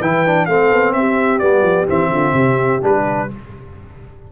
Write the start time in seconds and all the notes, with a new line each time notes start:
0.00 E3 E4 B4 G5
0.26 D4
0.46 A3 C4 A4 F5
0.72 B3
0.93 C4 G4 E5
1.39 G3 B3 D5
1.62 F3
1.88 E3 C4 E5
2.09 D3 F4
2.34 C3 G4
2.82 G3 D4 B4